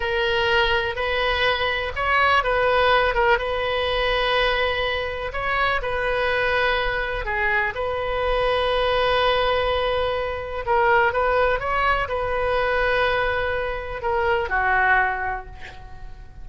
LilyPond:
\new Staff \with { instrumentName = "oboe" } { \time 4/4 \tempo 4 = 124 ais'2 b'2 | cis''4 b'4. ais'8 b'4~ | b'2. cis''4 | b'2. gis'4 |
b'1~ | b'2 ais'4 b'4 | cis''4 b'2.~ | b'4 ais'4 fis'2 | }